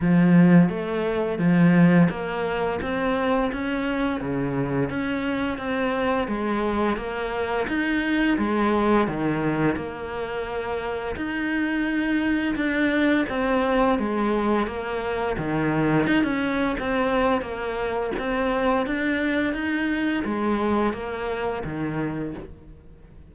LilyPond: \new Staff \with { instrumentName = "cello" } { \time 4/4 \tempo 4 = 86 f4 a4 f4 ais4 | c'4 cis'4 cis4 cis'4 | c'4 gis4 ais4 dis'4 | gis4 dis4 ais2 |
dis'2 d'4 c'4 | gis4 ais4 dis4 dis'16 cis'8. | c'4 ais4 c'4 d'4 | dis'4 gis4 ais4 dis4 | }